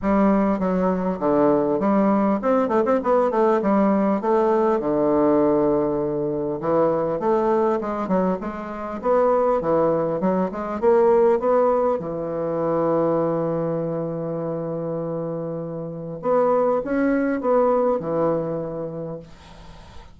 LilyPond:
\new Staff \with { instrumentName = "bassoon" } { \time 4/4 \tempo 4 = 100 g4 fis4 d4 g4 | c'8 a16 c'16 b8 a8 g4 a4 | d2. e4 | a4 gis8 fis8 gis4 b4 |
e4 fis8 gis8 ais4 b4 | e1~ | e2. b4 | cis'4 b4 e2 | }